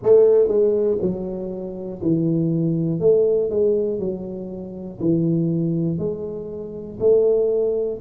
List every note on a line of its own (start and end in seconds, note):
0.03 0.47 A3
0.47 0.97 G#3
1.00 2.00 F#3
2.01 3.00 E3
3.00 3.50 A3
3.50 3.99 G#3
3.99 4.99 F#3
5.00 5.98 E3
5.98 6.98 G#3
7.00 8.00 A3